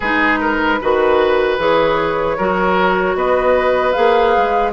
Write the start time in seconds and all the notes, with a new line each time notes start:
0.00 G#3 D#4 G#4 B4
0.40 A#4
0.81 D#3 F#4 B4
1.58 E3 G#4 C#5
2.37 F#3 F#4 A#4
3.15 B3 B4 D#5
3.92 A#3 G#4 F5
4.37 G#3